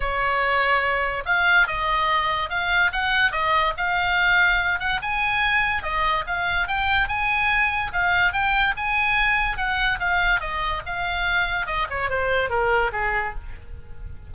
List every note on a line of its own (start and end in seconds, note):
0.00 1.23 C#5
1.25 1.67 F5
1.67 2.49 D#5
2.49 2.91 F5
2.92 3.31 F#5
3.31 3.73 D#5
3.77 4.79 F5
4.79 5.00 F#5
5.02 5.82 G#5
5.82 6.24 D#5
6.26 6.67 F5
6.67 7.08 G5
7.08 7.91 G#5
7.92 8.32 F5
8.32 8.74 G5
8.77 9.57 G#5
9.57 9.98 F#5
9.99 10.40 F5
10.40 10.81 D#5
10.86 11.66 F5
11.66 11.87 D#5
11.89 12.09 C#5
12.09 12.49 C5
12.49 12.91 A#4
12.92 13.34 G#4